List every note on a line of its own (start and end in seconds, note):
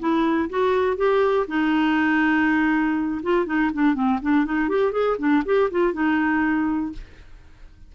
0.00 0.50 E4
0.50 0.97 F#4
0.97 1.47 G4
1.48 3.22 D#4
3.23 3.46 F4
3.46 3.71 D#4
3.74 3.95 D4
3.95 4.20 C4
4.22 4.46 D4
4.46 4.69 D#4
4.69 4.92 G4
4.92 5.17 G#4
5.19 5.43 D4
5.46 5.70 G4
5.71 5.94 F4
5.94 6.93 D#4